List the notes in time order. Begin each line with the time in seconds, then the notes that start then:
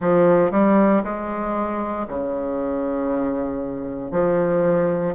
0.00 F3
0.51 G3
1.03 G#3
2.07 C#3
4.11 F3